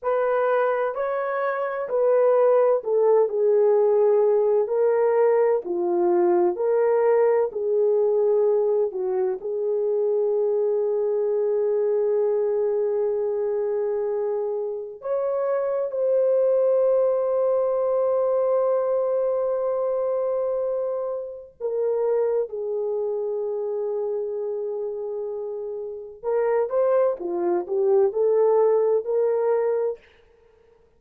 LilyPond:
\new Staff \with { instrumentName = "horn" } { \time 4/4 \tempo 4 = 64 b'4 cis''4 b'4 a'8 gis'8~ | gis'4 ais'4 f'4 ais'4 | gis'4. fis'8 gis'2~ | gis'1 |
cis''4 c''2.~ | c''2. ais'4 | gis'1 | ais'8 c''8 f'8 g'8 a'4 ais'4 | }